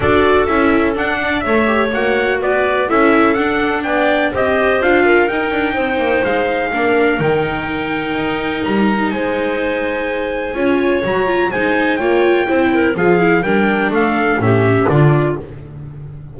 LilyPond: <<
  \new Staff \with { instrumentName = "trumpet" } { \time 4/4 \tempo 4 = 125 d''4 e''4 fis''4 e''4 | fis''4 d''4 e''4 fis''4 | g''4 dis''4 f''4 g''4~ | g''4 f''2 g''4~ |
g''2 ais''4 gis''4~ | gis''2. ais''4 | gis''4 g''2 f''4 | g''4 f''4 e''4 d''4 | }
  \new Staff \with { instrumentName = "clarinet" } { \time 4/4 a'2~ a'8 d''8 cis''4~ | cis''4 b'4 a'2 | d''4 c''4. ais'4. | c''2 ais'2~ |
ais'2. c''4~ | c''2 cis''2 | c''4 cis''4 c''8 ais'8 gis'4 | ais'4 a'4 g'4 f'4 | }
  \new Staff \with { instrumentName = "viola" } { \time 4/4 fis'4 e'4 d'4 a'8 g'8 | fis'2 e'4 d'4~ | d'4 g'4 f'4 dis'4~ | dis'2 d'4 dis'4~ |
dis'1~ | dis'2 f'4 fis'8 f'8 | dis'4 f'4 e'4 f'8 e'8 | d'2 cis'4 d'4 | }
  \new Staff \with { instrumentName = "double bass" } { \time 4/4 d'4 cis'4 d'4 a4 | ais4 b4 cis'4 d'4 | b4 c'4 d'4 dis'8 d'8 | c'8 ais8 gis4 ais4 dis4~ |
dis4 dis'4 g4 gis4~ | gis2 cis'4 fis4 | gis4 ais4 c'4 f4 | g4 a4 a,4 d4 | }
>>